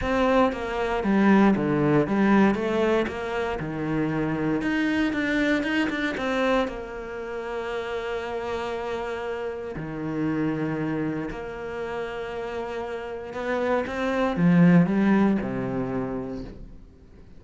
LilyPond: \new Staff \with { instrumentName = "cello" } { \time 4/4 \tempo 4 = 117 c'4 ais4 g4 d4 | g4 a4 ais4 dis4~ | dis4 dis'4 d'4 dis'8 d'8 | c'4 ais2.~ |
ais2. dis4~ | dis2 ais2~ | ais2 b4 c'4 | f4 g4 c2 | }